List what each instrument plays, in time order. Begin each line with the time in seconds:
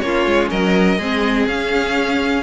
0.00 cello A#3, viola C#4, violin F4 C#5
0.26 cello G#3
0.50 cello F#3, violin A#4 D#5
0.98 cello G#3, viola C4, violin G#4
1.46 cello C#4, viola C#4, violin F5